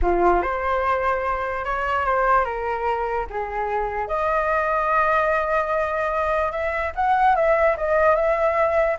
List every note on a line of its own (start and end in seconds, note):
0.01 0.42 F4
0.42 1.64 C5
1.65 2.05 C#5
2.05 2.45 C5
2.45 3.26 A#4
3.30 4.07 G#4
4.07 6.51 D#5
6.51 6.92 E5
6.95 7.35 F#5
7.35 7.76 E5
7.77 8.15 D#5
8.15 8.97 E5